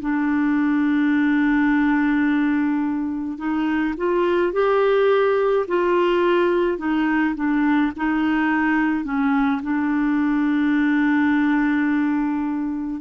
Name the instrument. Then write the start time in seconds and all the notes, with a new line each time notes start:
clarinet
0.00 D4
3.38 D#4
3.97 F4
4.53 G4
5.68 F4
6.78 D#4
7.35 D4
7.96 D#4
9.04 C#4
9.62 D4